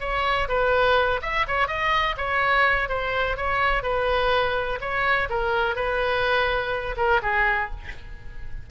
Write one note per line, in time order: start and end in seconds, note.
0.00 0.48 C#5
0.48 1.20 B4
1.22 1.46 E5
1.48 1.68 C#5
1.68 2.16 D#5
2.17 2.89 C#5
2.89 3.37 C5
3.37 3.83 C#5
3.83 4.79 B4
4.81 5.29 C#5
5.30 5.76 A#4
5.76 6.96 B4
6.97 7.21 A#4
7.22 7.70 G#4